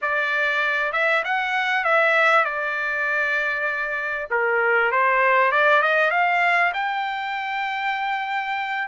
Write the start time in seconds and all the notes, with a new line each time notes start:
0.01 D5
0.92 E5
1.24 F#5
1.84 E5
2.45 D5
4.30 A#4
4.91 C5
5.51 D5
5.82 D#5
6.11 F5
6.73 G5